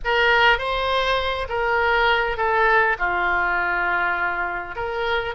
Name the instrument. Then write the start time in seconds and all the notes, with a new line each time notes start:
oboe
0.04 A#4
0.58 C5
1.49 A#4
2.37 A4
2.99 F4
4.75 A#4